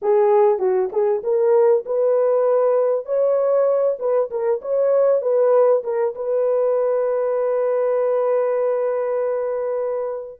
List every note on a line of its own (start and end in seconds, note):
0.02 0.58 G#4
0.58 0.89 F#4
0.92 1.22 G#4
1.23 1.84 A#4
1.85 3.05 B4
3.05 3.97 C#5
3.99 4.29 B4
4.30 4.61 A#4
4.61 5.21 C#5
5.21 5.82 B4
5.83 6.14 A#4
6.15 10.39 B4